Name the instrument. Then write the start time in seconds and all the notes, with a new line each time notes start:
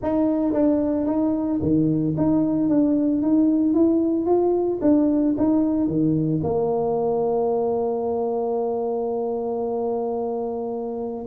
tuba
0.02 D#4
0.52 D4
1.06 D#4
1.61 D#3
2.17 D#4
2.69 D4
3.21 D#4
3.74 E4
4.26 F4
4.81 D4
5.37 D#4
5.87 D#3
6.43 A#3